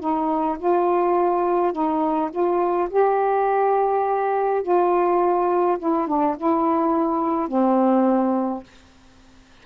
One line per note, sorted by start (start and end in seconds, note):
0.00 0.58 D#4
0.59 1.73 F4
1.73 2.31 D#4
2.31 2.89 F4
2.90 4.63 G4
4.63 5.78 F4
5.79 6.08 E4
6.08 6.37 D4
6.38 7.48 E4
7.48 8.64 C4